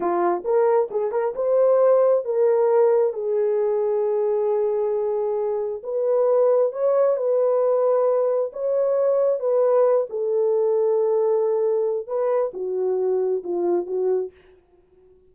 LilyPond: \new Staff \with { instrumentName = "horn" } { \time 4/4 \tempo 4 = 134 f'4 ais'4 gis'8 ais'8 c''4~ | c''4 ais'2 gis'4~ | gis'1~ | gis'4 b'2 cis''4 |
b'2. cis''4~ | cis''4 b'4. a'4.~ | a'2. b'4 | fis'2 f'4 fis'4 | }